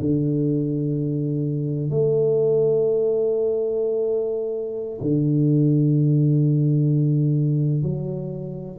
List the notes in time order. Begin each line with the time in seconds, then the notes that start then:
0.00 D3
1.90 A3
5.01 D3
7.83 F#3